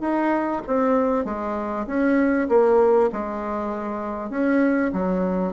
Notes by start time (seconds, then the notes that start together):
0.00 D#4
0.67 C4
1.25 G#3
1.87 C#4
2.49 A#3
3.12 G#3
4.30 C#4
4.93 F#3